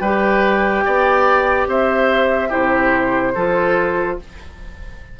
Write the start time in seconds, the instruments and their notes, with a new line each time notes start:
0.00 bassoon G3, clarinet G4, oboe B4, flute G5
0.85 bassoon B3, oboe D5
1.67 bassoon C4, oboe C5, flute E5
2.49 bassoon C3, clarinet E4, oboe G4, flute C5
3.35 bassoon F3, clarinet F4, oboe A4